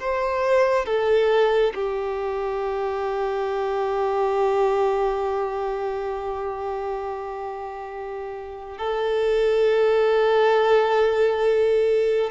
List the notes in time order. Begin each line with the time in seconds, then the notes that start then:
0.00 C5
0.86 A4
1.75 G4
8.78 A4